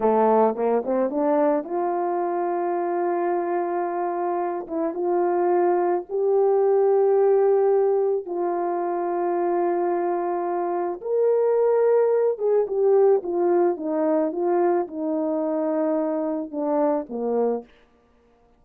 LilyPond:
\new Staff \with { instrumentName = "horn" } { \time 4/4 \tempo 4 = 109 a4 ais8 c'8 d'4 f'4~ | f'1~ | f'8 e'8 f'2 g'4~ | g'2. f'4~ |
f'1 | ais'2~ ais'8 gis'8 g'4 | f'4 dis'4 f'4 dis'4~ | dis'2 d'4 ais4 | }